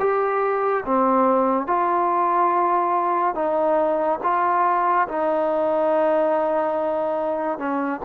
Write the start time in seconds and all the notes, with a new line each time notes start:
0.00 G4
0.86 C4
1.67 F4
3.35 D#4
4.24 F4
5.08 D#4
7.59 C#4